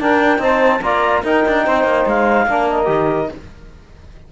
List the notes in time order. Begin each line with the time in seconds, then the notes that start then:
0.00 D4 A#4 G5
0.39 C4 D#4 C5 A5
0.82 A#3 F4 D5 A#5
1.22 D#4 A#4 G5
1.48 D4
1.65 C4 C5
1.84 A#3
2.07 G#3 F5
2.47 A#3 D4 A#4
2.70 D#5
2.86 D#3 G4